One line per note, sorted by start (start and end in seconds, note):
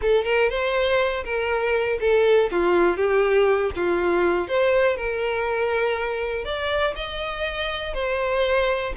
0.01 0.25 A4
0.25 0.49 A#4
0.49 1.24 C5
1.24 1.98 A#4
2.00 2.50 A4
2.51 2.96 F4
2.96 3.71 G4
3.75 4.48 F4
4.48 4.96 C5
4.96 6.45 A#4
6.45 6.94 D5
6.95 7.94 D#5
7.94 8.93 C5